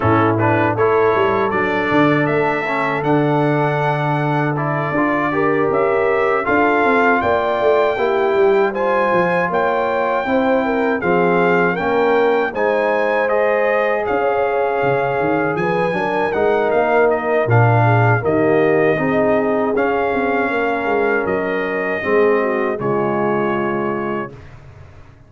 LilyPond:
<<
  \new Staff \with { instrumentName = "trumpet" } { \time 4/4 \tempo 4 = 79 a'8 b'8 cis''4 d''4 e''4 | fis''2 d''4. e''8~ | e''8 f''4 g''2 gis''8~ | gis''8 g''2 f''4 g''8~ |
g''8 gis''4 dis''4 f''4.~ | f''8 gis''4 fis''8 f''8 dis''8 f''4 | dis''2 f''2 | dis''2 cis''2 | }
  \new Staff \with { instrumentName = "horn" } { \time 4/4 e'4 a'2.~ | a'2. ais'4~ | ais'8 a'4 d''4 g'4 c''8~ | c''8 cis''4 c''8 ais'8 gis'4 ais'8~ |
ais'8 c''2 cis''4.~ | cis''8 b'8 ais'2~ ais'8 gis'8 | g'4 gis'2 ais'4~ | ais'4 gis'8 fis'8 f'2 | }
  \new Staff \with { instrumentName = "trombone" } { \time 4/4 cis'8 d'8 e'4 d'4. cis'8 | d'2 e'8 f'8 g'4~ | g'8 f'2 e'4 f'8~ | f'4. e'4 c'4 cis'8~ |
cis'8 dis'4 gis'2~ gis'8~ | gis'4 d'8 dis'4. d'4 | ais4 dis'4 cis'2~ | cis'4 c'4 gis2 | }
  \new Staff \with { instrumentName = "tuba" } { \time 4/4 a,4 a8 g8 fis8 d8 a4 | d2~ d8 d'4 cis'8~ | cis'8 d'8 c'8 ais8 a8 ais8 g4 | f8 ais4 c'4 f4 ais8~ |
ais8 gis2 cis'4 cis8 | dis8 f8 fis8 gis8 ais4 ais,4 | dis4 c'4 cis'8 c'8 ais8 gis8 | fis4 gis4 cis2 | }
>>